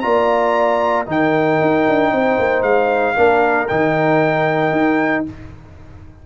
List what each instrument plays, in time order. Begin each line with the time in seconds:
0.00 tuba A#3, trombone F4, horn D5, trumpet A#5
1.06 tuba D#3, trombone D#4, horn A#4, trumpet G5
1.61 tuba D#4
1.88 tuba D4
2.12 tuba C4, horn C5
2.38 tuba A#3
2.62 tuba G#3, trumpet F5
3.15 tuba A#3, trombone D4, horn A#4
3.68 tuba D#3, trombone D#4, trumpet G5
4.71 tuba D#4